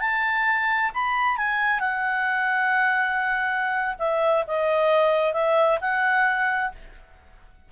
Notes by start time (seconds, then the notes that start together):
0.00 A5
0.94 B5
1.37 G#5
1.80 F#5
3.99 E5
4.48 D#5
5.33 E5
5.81 F#5